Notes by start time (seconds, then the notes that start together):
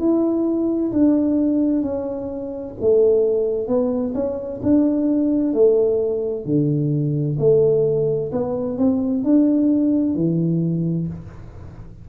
0.00 E4
0.93 D4
1.83 C#4
2.81 A3
3.68 B3
4.15 C#4
4.63 D4
5.54 A3
6.46 D3
7.40 A3
8.32 B3
8.78 C4
9.24 D4
10.15 E3